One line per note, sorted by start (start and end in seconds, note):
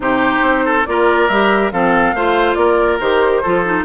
0.00 0.38 C3
0.00 0.85 D#4
0.00 0.65 G4
0.00 0.85 C5
0.42 0.84 C4
0.65 0.86 A4
0.85 1.29 A#3
0.85 1.29 F4
0.85 1.72 A#4
0.85 1.28 D5
1.28 1.71 G3
1.28 1.72 G4
1.28 1.71 E5
1.71 2.13 F3
1.71 2.15 C4
1.71 2.15 A4
1.71 2.54 F5
2.13 2.56 A3
2.13 3.00 F4
2.13 2.58 C5
2.54 2.98 A#3
2.54 3.42 A#4
2.54 2.97 D5
3.00 3.42 D#3
3.00 3.43 G4
3.00 3.84 C5
3.42 3.84 F3
3.42 3.65 F4
3.42 3.84 A4
3.65 3.84 D#4